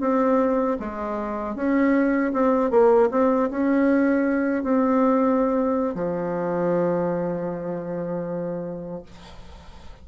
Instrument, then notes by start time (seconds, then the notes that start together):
bassoon
0.00 C4
0.79 G#3
1.55 C#4
2.33 C4
2.70 A#3
3.11 C4
3.50 C#4
4.63 C4
5.94 F3